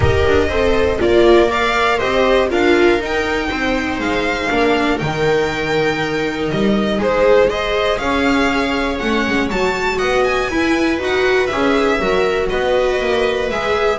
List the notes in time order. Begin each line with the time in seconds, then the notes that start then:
0.00 D#4 G4 A#4 D#5
0.27 D4
0.48 C4 A4 C5
0.98 A#3 F4 A#4 D5
1.49 D5 F5
1.97 C4 G4 C5 D#5
2.49 D4 F4 A#4 F5
2.99 D#4 G5
3.49 C4 C5
3.99 G#3 F5
4.49 A#3 D4 A#4
4.98 D#3 D#4 G5
6.51 G3 D#5
6.98 G#3 G#4 C5
7.49 G#4 C5 D#5
7.98 C#4 C#5 F5
8.98 A3 C#4 F#5
9.27 G#3
9.50 F#3 F#4 A5
9.98 B3 D#5 F#5
10.24 G#5
10.50 E4 B4
10.99 D#4 F#4 F#5
11.46 C#4 G#4 E5
12.00 F#3 F#4 A#4
12.49 B3 B4 D#5
12.99 A#3
13.49 G#3 G#4 E5